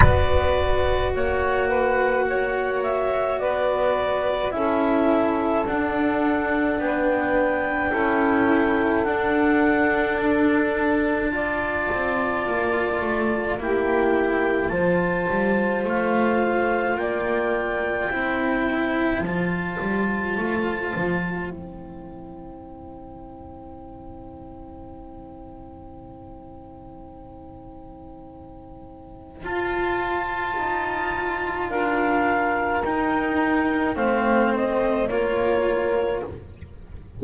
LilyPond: <<
  \new Staff \with { instrumentName = "clarinet" } { \time 4/4 \tempo 4 = 53 d''4 fis''4. e''8 d''4 | e''4 fis''4 g''2 | fis''4 a''2. | g''4 a''4 f''4 g''4~ |
g''4 a''2 g''4~ | g''1~ | g''2 a''2 | f''4 g''4 f''8 dis''8 cis''4 | }
  \new Staff \with { instrumentName = "saxophone" } { \time 4/4 b'4 cis''8 b'8 cis''4 b'4 | a'2 b'4 a'4~ | a'2 d''2 | g'4 c''2 d''4 |
c''1~ | c''1~ | c''1 | ais'2 c''4 ais'4 | }
  \new Staff \with { instrumentName = "cello" } { \time 4/4 fis'1 | e'4 d'2 e'4 | d'2 f'2 | e'4 f'2. |
e'4 f'2 e'4~ | e'1~ | e'2 f'2~ | f'4 dis'4 c'4 f'4 | }
  \new Staff \with { instrumentName = "double bass" } { \time 4/4 b4 ais2 b4 | cis'4 d'4 b4 cis'4 | d'2~ d'8 c'8 ais8 a8 | ais4 f8 g8 a4 ais4 |
c'4 f8 g8 a8 f8 c'4~ | c'1~ | c'2 f'4 dis'4 | d'4 dis'4 a4 ais4 | }
>>